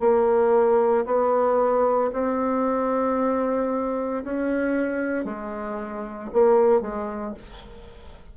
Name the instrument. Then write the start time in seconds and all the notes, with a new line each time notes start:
bassoon
0.00 A#3
1.06 B3
2.13 C4
4.24 C#4
5.25 G#3
6.33 A#3
6.81 G#3